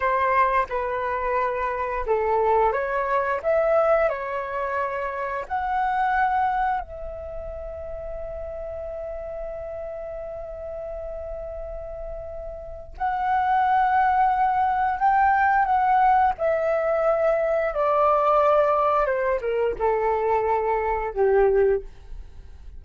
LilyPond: \new Staff \with { instrumentName = "flute" } { \time 4/4 \tempo 4 = 88 c''4 b'2 a'4 | cis''4 e''4 cis''2 | fis''2 e''2~ | e''1~ |
e''2. fis''4~ | fis''2 g''4 fis''4 | e''2 d''2 | c''8 ais'8 a'2 g'4 | }